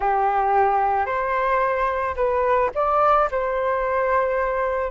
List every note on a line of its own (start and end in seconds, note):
0.00 1.06 G4
1.06 2.15 C5
2.15 2.70 B4
2.74 3.29 D5
3.31 4.90 C5